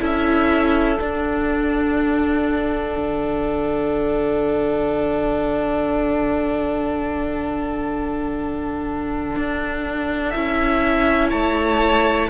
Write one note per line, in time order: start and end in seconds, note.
0.00 1.00 C#4
0.00 0.98 E4
0.00 11.30 A4
0.00 1.03 E5
0.99 10.33 D4
0.99 2.97 D4
0.99 10.31 F#5
2.97 9.36 D3
9.36 10.35 D4
10.31 11.32 C#4
10.31 12.30 E4
10.31 11.29 E5
11.30 12.30 A3
11.30 12.28 C#5
11.30 12.29 A5